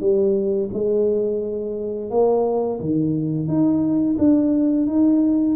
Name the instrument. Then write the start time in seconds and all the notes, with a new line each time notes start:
tuba
0.00 G3
0.73 G#3
2.10 A#3
2.80 D#3
3.47 D#4
4.18 D4
4.87 D#4